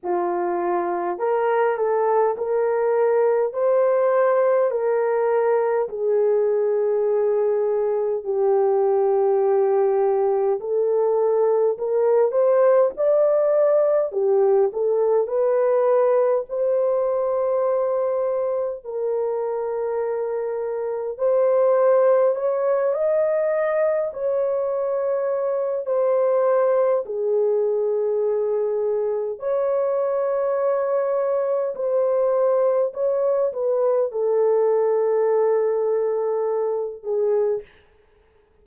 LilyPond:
\new Staff \with { instrumentName = "horn" } { \time 4/4 \tempo 4 = 51 f'4 ais'8 a'8 ais'4 c''4 | ais'4 gis'2 g'4~ | g'4 a'4 ais'8 c''8 d''4 | g'8 a'8 b'4 c''2 |
ais'2 c''4 cis''8 dis''8~ | dis''8 cis''4. c''4 gis'4~ | gis'4 cis''2 c''4 | cis''8 b'8 a'2~ a'8 gis'8 | }